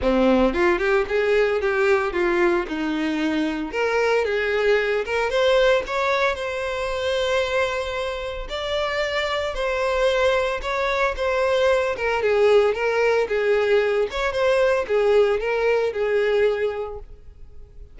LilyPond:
\new Staff \with { instrumentName = "violin" } { \time 4/4 \tempo 4 = 113 c'4 f'8 g'8 gis'4 g'4 | f'4 dis'2 ais'4 | gis'4. ais'8 c''4 cis''4 | c''1 |
d''2 c''2 | cis''4 c''4. ais'8 gis'4 | ais'4 gis'4. cis''8 c''4 | gis'4 ais'4 gis'2 | }